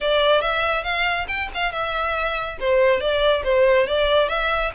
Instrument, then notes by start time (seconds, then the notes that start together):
violin
0.00 D5
0.41 E5
0.83 F5
1.28 G5
1.54 F5
1.71 E5
2.60 C5
3.00 D5
3.44 C5
3.86 D5
4.28 E5